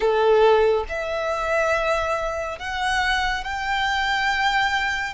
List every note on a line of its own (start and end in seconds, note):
0.00 0.84 A4
0.88 2.59 E5
2.59 3.44 F#5
3.44 5.13 G5